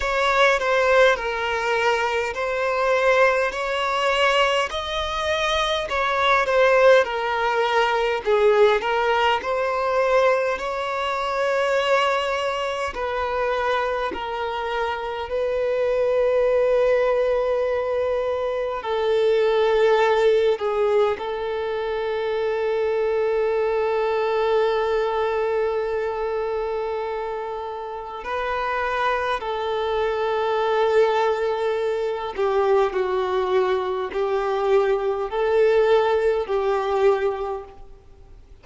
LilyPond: \new Staff \with { instrumentName = "violin" } { \time 4/4 \tempo 4 = 51 cis''8 c''8 ais'4 c''4 cis''4 | dis''4 cis''8 c''8 ais'4 gis'8 ais'8 | c''4 cis''2 b'4 | ais'4 b'2. |
a'4. gis'8 a'2~ | a'1 | b'4 a'2~ a'8 g'8 | fis'4 g'4 a'4 g'4 | }